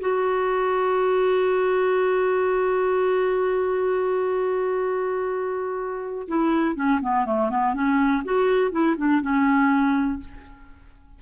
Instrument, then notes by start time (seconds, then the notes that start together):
clarinet
0.00 F#4
6.27 E4
6.75 C#4
7.01 B3
7.25 A3
7.50 B3
7.74 C#4
8.24 F#4
8.71 E4
8.97 D4
9.21 C#4